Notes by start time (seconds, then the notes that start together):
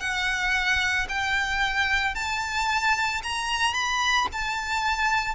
0.00 F#5
1.09 G5
2.14 A5
3.23 A#5
3.74 B5
4.32 A5